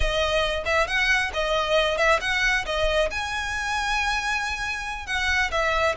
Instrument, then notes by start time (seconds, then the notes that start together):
violin
0.00 D#5
0.65 E5
0.87 F#5
1.33 D#5
1.97 E5
2.21 F#5
2.65 D#5
3.10 G#5
5.06 F#5
5.51 E5